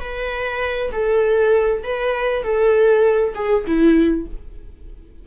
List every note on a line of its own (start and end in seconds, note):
0.00 0.91 B4
0.92 1.83 A4
1.83 2.43 B4
2.43 3.34 A4
3.35 3.65 G#4
3.66 4.27 E4